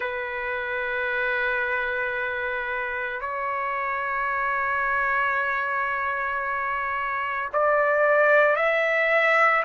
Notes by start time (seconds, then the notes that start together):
0.00 B4
3.20 C#5
7.52 D5
8.56 E5